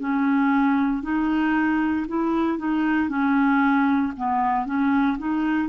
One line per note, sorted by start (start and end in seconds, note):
0.00 1.03 C#4
1.03 2.06 D#4
2.08 2.59 E4
2.59 3.09 D#4
3.09 4.13 C#4
4.17 4.66 B3
4.66 5.18 C#4
5.19 5.69 D#4